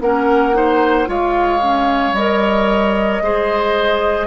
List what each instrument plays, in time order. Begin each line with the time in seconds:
0.00 bassoon A#3, clarinet C#4, oboe A#4, flute F#5
0.53 clarinet D#4, oboe C5
1.06 bassoon G#3, clarinet F4, oboe C#5, flute F5
1.61 clarinet C#4
2.12 bassoon G3, clarinet A#4, flute D#5
3.21 bassoon G#3, clarinet G#4, oboe C5